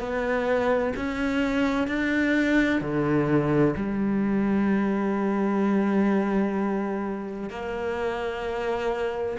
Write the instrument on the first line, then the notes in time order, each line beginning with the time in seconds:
cello
0.00 B3
0.96 C#4
1.87 D4
2.81 D3
3.76 G3
7.50 A#3